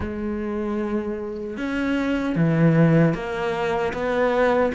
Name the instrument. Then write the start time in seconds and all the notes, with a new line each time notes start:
cello
0.00 G#3
1.57 C#4
2.35 E3
3.14 A#3
3.93 B3